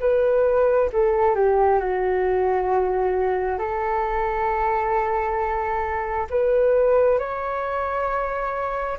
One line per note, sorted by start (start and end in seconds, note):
0.00 0.90 B4
0.92 1.35 A4
1.35 1.79 G4
1.79 3.58 F#4
3.58 6.26 A4
6.29 7.18 B4
7.18 8.98 C#5